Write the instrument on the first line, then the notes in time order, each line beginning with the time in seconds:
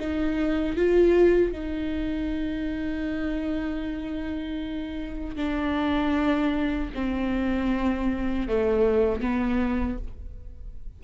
viola
0.00 D#4
0.76 F4
1.52 D#4
5.36 D4
6.94 C4
8.48 A3
9.21 B3